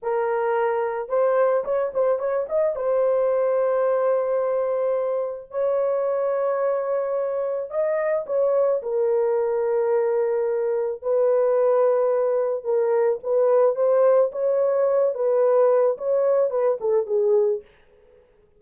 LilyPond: \new Staff \with { instrumentName = "horn" } { \time 4/4 \tempo 4 = 109 ais'2 c''4 cis''8 c''8 | cis''8 dis''8 c''2.~ | c''2 cis''2~ | cis''2 dis''4 cis''4 |
ais'1 | b'2. ais'4 | b'4 c''4 cis''4. b'8~ | b'4 cis''4 b'8 a'8 gis'4 | }